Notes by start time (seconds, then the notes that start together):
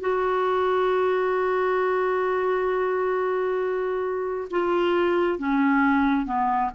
0.00 F#4
4.51 F4
5.39 C#4
6.26 B3